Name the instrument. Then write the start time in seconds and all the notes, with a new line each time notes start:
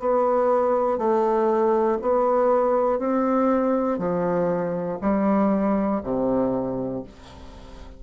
bassoon
0.00 B3
0.98 A3
2.02 B3
2.99 C4
3.98 F3
5.01 G3
6.03 C3